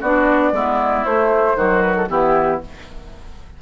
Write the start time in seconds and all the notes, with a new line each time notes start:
0.00 B3 D4 F#4 D5
0.51 G#3 B3 E4
1.04 A3 C5
1.55 D#3 F#3 F#4
1.82 B4
1.95 A4
2.09 E3 B3 E4 G4